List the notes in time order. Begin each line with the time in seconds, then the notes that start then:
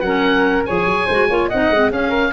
0.00 F#3 C#4 A#4 F#5
0.66 F3 G#4 C#5 G#5
0.86 F#3
1.06 G#3 F#4 C5
1.29 A#3 F4 C#5
1.48 C4 D#4 D#5 F#5
1.70 G#3 C4
1.91 C#4 G#4 F5
2.09 A#4